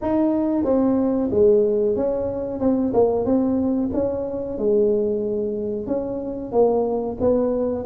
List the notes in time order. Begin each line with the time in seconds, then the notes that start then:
0.01 D#4
0.64 C4
1.30 G#3
1.96 C#4
2.60 C4
2.93 A#3
3.25 C4
3.93 C#4
4.58 G#3
5.86 C#4
6.52 A#3
7.20 B3